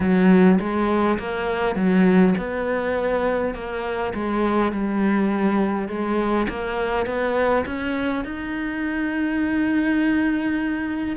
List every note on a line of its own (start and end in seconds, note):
0.00 0.58 F#3
0.59 1.18 G#3
1.18 1.75 A#3
1.75 2.34 F#3
2.37 3.54 B3
3.54 4.13 A#3
4.13 4.72 G#3
4.72 5.88 G3
5.88 6.47 G#3
6.48 7.06 A#3
7.06 7.65 B3
7.65 8.24 C#4
8.24 11.16 D#4